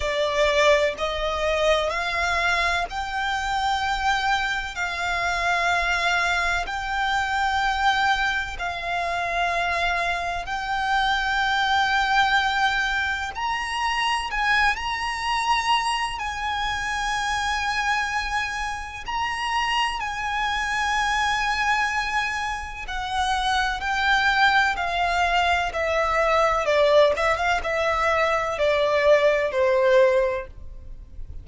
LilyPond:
\new Staff \with { instrumentName = "violin" } { \time 4/4 \tempo 4 = 63 d''4 dis''4 f''4 g''4~ | g''4 f''2 g''4~ | g''4 f''2 g''4~ | g''2 ais''4 gis''8 ais''8~ |
ais''4 gis''2. | ais''4 gis''2. | fis''4 g''4 f''4 e''4 | d''8 e''16 f''16 e''4 d''4 c''4 | }